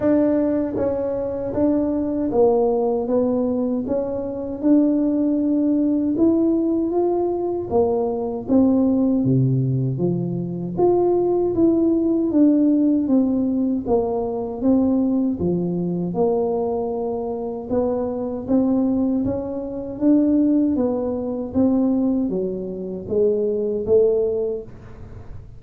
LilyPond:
\new Staff \with { instrumentName = "tuba" } { \time 4/4 \tempo 4 = 78 d'4 cis'4 d'4 ais4 | b4 cis'4 d'2 | e'4 f'4 ais4 c'4 | c4 f4 f'4 e'4 |
d'4 c'4 ais4 c'4 | f4 ais2 b4 | c'4 cis'4 d'4 b4 | c'4 fis4 gis4 a4 | }